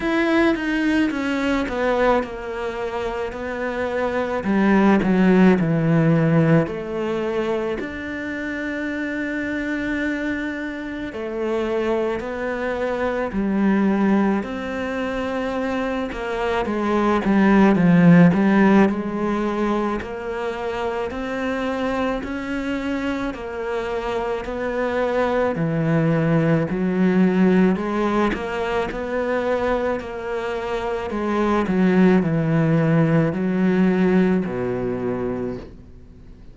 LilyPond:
\new Staff \with { instrumentName = "cello" } { \time 4/4 \tempo 4 = 54 e'8 dis'8 cis'8 b8 ais4 b4 | g8 fis8 e4 a4 d'4~ | d'2 a4 b4 | g4 c'4. ais8 gis8 g8 |
f8 g8 gis4 ais4 c'4 | cis'4 ais4 b4 e4 | fis4 gis8 ais8 b4 ais4 | gis8 fis8 e4 fis4 b,4 | }